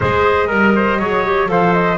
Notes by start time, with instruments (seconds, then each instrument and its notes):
0.00 double bass G#3, clarinet G#4, trumpet C5, flute D#5
0.47 double bass G3, trumpet A#4, clarinet A#4
0.75 trumpet C5
0.99 double bass F#3, clarinet G#4, trumpet C#5
1.25 clarinet G4
1.47 double bass F3, clarinet A4, trumpet C5, flute F5
1.73 flute D#5